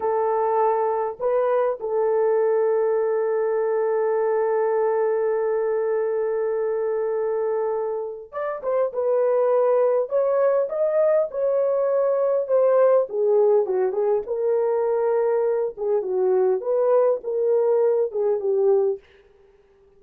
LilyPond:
\new Staff \with { instrumentName = "horn" } { \time 4/4 \tempo 4 = 101 a'2 b'4 a'4~ | a'1~ | a'1~ | a'2 d''8 c''8 b'4~ |
b'4 cis''4 dis''4 cis''4~ | cis''4 c''4 gis'4 fis'8 gis'8 | ais'2~ ais'8 gis'8 fis'4 | b'4 ais'4. gis'8 g'4 | }